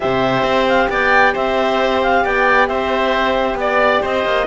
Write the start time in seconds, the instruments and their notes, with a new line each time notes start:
0.00 cello C3, horn G4, oboe C5, clarinet E5
0.42 cello C4
0.68 clarinet F5
0.89 cello B3, oboe D5, clarinet G5
1.33 cello C4, oboe C5, clarinet E5
2.03 clarinet F5
2.23 cello B3, oboe D5, clarinet G5
2.68 cello C4, oboe C5, clarinet E5
3.54 cello B3, clarinet D5, oboe D5
4.01 cello C4, oboe C5, clarinet D#5
4.24 cello A#3